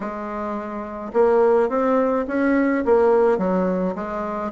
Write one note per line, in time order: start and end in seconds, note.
0.00 1.12 G#3
1.13 1.69 A#3
1.69 2.25 C4
2.27 2.84 C#4
2.85 3.38 A#3
3.38 3.94 F#3
3.95 4.51 G#3